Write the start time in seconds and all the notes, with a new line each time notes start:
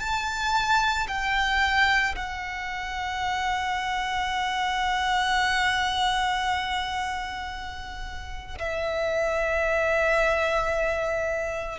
0.00 A5
1.08 G5
2.15 F#5
8.59 E5